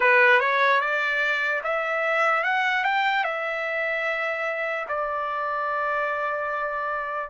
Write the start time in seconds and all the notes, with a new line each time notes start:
0.00 B4
0.40 C#5
0.80 D5
1.63 E5
2.43 F#5
2.83 G5
3.24 E5
4.88 D5